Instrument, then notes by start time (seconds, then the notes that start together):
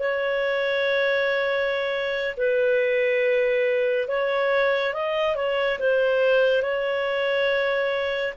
clarinet
0.00 C#5
2.37 B4
4.08 C#5
4.94 D#5
5.36 C#5
5.80 C5
6.63 C#5